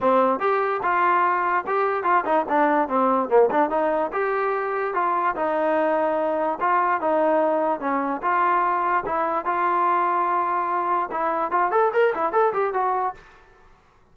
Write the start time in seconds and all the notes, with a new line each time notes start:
0.00 C4
0.39 G4
0.82 F4
1.66 G4
2.03 F4
2.25 D#4
2.48 D4
2.88 C4
3.29 A#3
3.50 D4
3.70 D#4
4.12 G4
4.94 F4
5.35 D#4
6.60 F4
7.00 D#4
7.80 C#4
8.22 F4
9.05 E4
9.45 F4
11.11 E4
11.51 F4
11.71 A4
11.93 A#4
12.14 E4
12.32 A4
12.53 G4
12.73 F#4